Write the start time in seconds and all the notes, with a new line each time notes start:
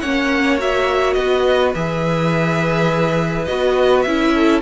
0.00 A#3 C#4 C#5 F#5
0.59 F#4 E5
1.13 B3 B4 D#5
1.75 E3 G#4 E5
3.45 B3 F#4 D#5
4.02 C#4 E4 E5
4.34 A4